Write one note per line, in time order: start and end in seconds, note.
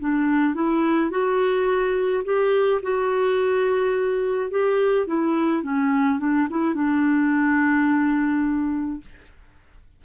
0.00 0.54 D4
0.54 1.11 E4
1.11 2.24 F#4
2.24 2.81 G4
2.83 4.50 F#4
4.50 5.07 G4
5.07 5.63 E4
5.63 6.20 C#4
6.20 6.48 D4
6.50 6.74 E4
6.74 9.01 D4